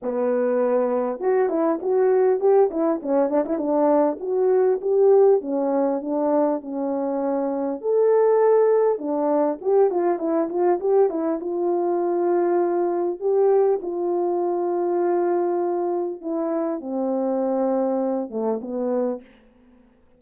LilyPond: \new Staff \with { instrumentName = "horn" } { \time 4/4 \tempo 4 = 100 b2 fis'8 e'8 fis'4 | g'8 e'8 cis'8 d'16 e'16 d'4 fis'4 | g'4 cis'4 d'4 cis'4~ | cis'4 a'2 d'4 |
g'8 f'8 e'8 f'8 g'8 e'8 f'4~ | f'2 g'4 f'4~ | f'2. e'4 | c'2~ c'8 a8 b4 | }